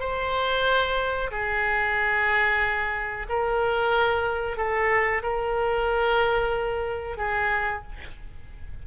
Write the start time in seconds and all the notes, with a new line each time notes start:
0.00 C5
1.31 G#4
3.29 A#4
4.57 A4
5.23 A#4
7.17 G#4